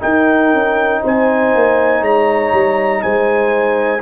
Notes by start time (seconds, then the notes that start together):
0.00 D#4 A#4 G5
0.53 C#4
1.02 C4 C5 G#5
1.55 A#3
2.00 G#3 C#5 A#5
2.53 G3
3.02 G#3 C5 G#5